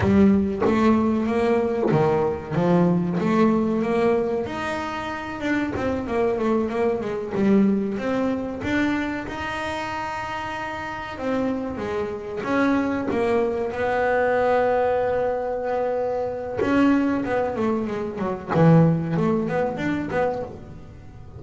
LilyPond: \new Staff \with { instrumentName = "double bass" } { \time 4/4 \tempo 4 = 94 g4 a4 ais4 dis4 | f4 a4 ais4 dis'4~ | dis'8 d'8 c'8 ais8 a8 ais8 gis8 g8~ | g8 c'4 d'4 dis'4.~ |
dis'4. c'4 gis4 cis'8~ | cis'8 ais4 b2~ b8~ | b2 cis'4 b8 a8 | gis8 fis8 e4 a8 b8 d'8 b8 | }